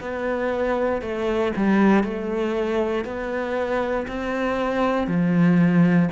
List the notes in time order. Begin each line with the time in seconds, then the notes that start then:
0.00 B3
1.01 A3
1.56 G3
2.03 A3
3.05 B3
4.07 C4
5.07 F3